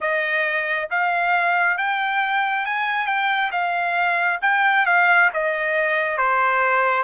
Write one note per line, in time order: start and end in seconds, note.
0.00 0.89 D#5
0.90 1.77 F5
1.77 2.65 G5
2.65 3.06 G#5
3.06 3.51 G5
3.51 4.39 F5
4.41 4.85 G5
4.85 5.29 F5
5.33 6.17 D#5
6.17 7.03 C5